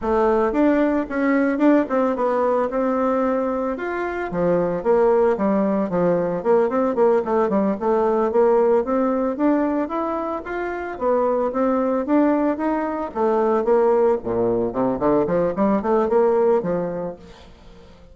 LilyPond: \new Staff \with { instrumentName = "bassoon" } { \time 4/4 \tempo 4 = 112 a4 d'4 cis'4 d'8 c'8 | b4 c'2 f'4 | f4 ais4 g4 f4 | ais8 c'8 ais8 a8 g8 a4 ais8~ |
ais8 c'4 d'4 e'4 f'8~ | f'8 b4 c'4 d'4 dis'8~ | dis'8 a4 ais4 ais,4 c8 | d8 f8 g8 a8 ais4 f4 | }